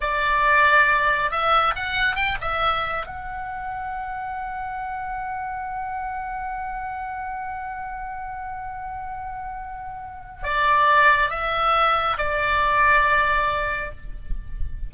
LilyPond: \new Staff \with { instrumentName = "oboe" } { \time 4/4 \tempo 4 = 138 d''2. e''4 | fis''4 g''8 e''4. fis''4~ | fis''1~ | fis''1~ |
fis''1~ | fis''1 | d''2 e''2 | d''1 | }